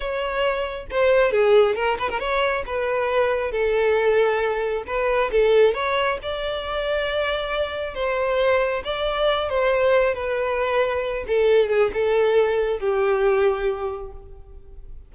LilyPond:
\new Staff \with { instrumentName = "violin" } { \time 4/4 \tempo 4 = 136 cis''2 c''4 gis'4 | ais'8 b'16 ais'16 cis''4 b'2 | a'2. b'4 | a'4 cis''4 d''2~ |
d''2 c''2 | d''4. c''4. b'4~ | b'4. a'4 gis'8 a'4~ | a'4 g'2. | }